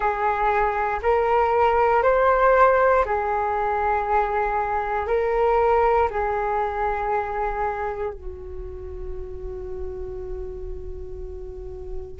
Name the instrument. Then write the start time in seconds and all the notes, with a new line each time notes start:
flute
0.00 G#4
1.02 A#4
2.02 C5
3.05 G#4
5.07 A#4
6.10 G#4
8.13 F#4